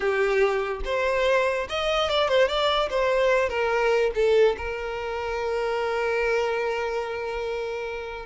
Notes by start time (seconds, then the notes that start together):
0.00 G4
0.84 C5
1.69 D#5
2.09 D5
2.28 C5
2.48 D5
2.89 C5
3.49 A#4
4.14 A4
4.57 A#4